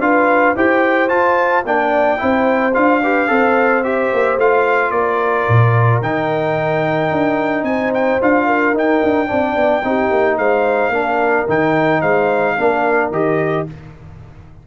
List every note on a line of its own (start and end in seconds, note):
0.00 0.55 D4
0.00 0.55 F4
0.00 0.56 B4
0.00 0.56 F5
0.56 1.10 E4
0.56 1.09 G4
0.56 1.65 C5
0.56 1.09 G5
1.09 1.63 F4
1.09 1.65 F4
1.09 1.64 A5
1.65 2.20 A#3
1.65 2.18 D4
1.65 2.21 D5
1.65 2.74 G5
2.18 2.77 C4
2.18 2.72 E4
2.18 3.03 C5
2.74 3.30 D4
2.74 3.01 F4
2.74 3.83 F5
3.03 3.28 G4
3.03 3.30 B4
3.28 4.12 C4
3.28 3.83 A4
3.28 4.94 C5
3.84 4.39 G4
3.84 4.38 E5
4.13 4.37 A#3
4.37 4.91 A3
4.37 6.03 F4
4.37 4.91 F5
4.91 5.46 A#3
4.91 7.67 A#4
4.91 6.00 D5
5.49 6.02 A#2
6.02 7.11 D#3
6.02 8.21 D#4
6.02 7.65 G5
7.12 7.63 D4
7.63 8.18 C4
7.63 8.46 C5
7.63 7.92 G#5
7.94 8.21 G5
8.21 8.74 D4
8.21 8.75 F4
8.21 8.77 F5
8.46 9.28 A#4
8.74 9.01 D#4
8.74 9.27 D#4
8.74 10.38 G5
9.03 9.31 D4
9.27 9.56 C4
9.27 9.82 D4
9.27 9.84 D5
9.56 9.83 B3
9.84 10.11 C4
9.84 10.93 D#4
9.84 10.38 G4
10.11 10.38 A#3
10.38 10.89 G#3
10.38 10.92 C5
10.38 11.47 F5
10.89 11.44 A#3
10.89 11.48 D4
10.89 12.01 A#4
11.49 12.03 D#3
11.49 12.58 D#4
11.49 12.01 G5
12.01 12.57 G#3
12.01 12.56 C5
12.01 13.11 F5
12.56 13.11 A#3
12.56 13.13 D4
12.56 13.65 A#4
13.11 13.66 D#3
13.11 13.67 G4
13.11 13.67 D#5